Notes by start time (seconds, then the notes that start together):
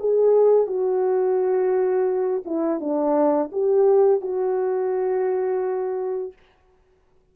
0.00 G#4
0.67 F#4
2.45 E4
2.80 D4
3.52 G4
4.21 F#4